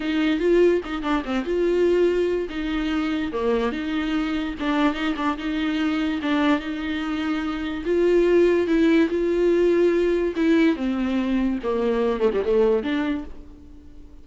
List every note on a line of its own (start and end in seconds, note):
0.00 0.39 D#4
0.39 0.81 F4
0.84 1.02 D#4
1.02 1.23 D4
1.24 1.44 C4
1.44 2.48 F4
2.49 3.32 D#4
3.32 3.72 A#3
3.72 4.54 D#4
4.59 4.94 D4
4.94 5.14 D#4
5.16 5.37 D4
5.37 6.20 D#4
6.22 6.59 D4
6.59 7.84 D#4
7.85 8.67 F4
8.67 9.08 E4
9.09 10.34 F4
10.36 10.75 E4
10.75 11.58 C4
11.63 12.20 A#3
12.20 12.30 A3
12.33 12.43 G3
12.44 12.83 A3
12.83 13.24 D4